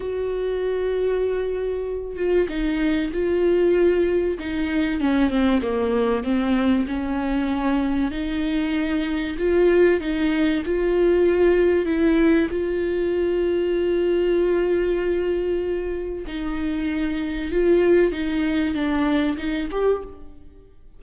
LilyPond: \new Staff \with { instrumentName = "viola" } { \time 4/4 \tempo 4 = 96 fis'2.~ fis'8 f'8 | dis'4 f'2 dis'4 | cis'8 c'8 ais4 c'4 cis'4~ | cis'4 dis'2 f'4 |
dis'4 f'2 e'4 | f'1~ | f'2 dis'2 | f'4 dis'4 d'4 dis'8 g'8 | }